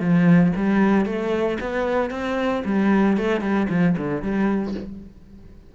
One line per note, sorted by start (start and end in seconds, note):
0.00 0.53 F3
0.56 1.06 G3
1.06 1.58 A3
1.60 2.11 B3
2.11 2.63 C4
2.65 3.17 G3
3.17 3.41 A3
3.41 3.67 G3
3.70 3.96 F3
3.97 4.22 D3
4.22 4.75 G3